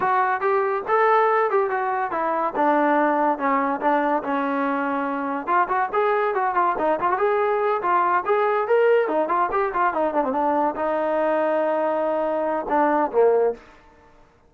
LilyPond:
\new Staff \with { instrumentName = "trombone" } { \time 4/4 \tempo 4 = 142 fis'4 g'4 a'4. g'8 | fis'4 e'4 d'2 | cis'4 d'4 cis'2~ | cis'4 f'8 fis'8 gis'4 fis'8 f'8 |
dis'8 f'16 fis'16 gis'4. f'4 gis'8~ | gis'8 ais'4 dis'8 f'8 g'8 f'8 dis'8 | d'16 c'16 d'4 dis'2~ dis'8~ | dis'2 d'4 ais4 | }